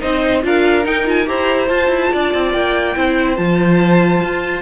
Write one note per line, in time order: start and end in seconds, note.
0.00 0.44 C4
0.00 0.42 D#4
0.00 0.43 C5
0.00 0.43 D#5
0.42 0.85 D4
0.42 0.83 F4
0.42 1.28 A#4
0.42 0.86 F5
0.83 1.04 D#4
0.83 1.27 D#4
0.83 1.07 G5
1.05 1.25 F4
1.05 1.28 G#5
1.25 1.69 E4
1.25 1.67 G4
1.25 2.12 C5
1.25 1.68 A#5
1.68 1.88 F4
1.68 2.95 F4
1.68 2.52 A5
1.88 2.09 E4
2.12 2.33 D4
2.12 2.96 D5
2.33 2.53 C4
2.52 2.95 A#3
2.52 3.36 G5
2.95 3.37 C4
2.95 3.36 E4
2.95 4.62 C5
3.36 4.21 F3
3.36 4.61 F4
3.36 4.62 A5
4.22 4.62 F4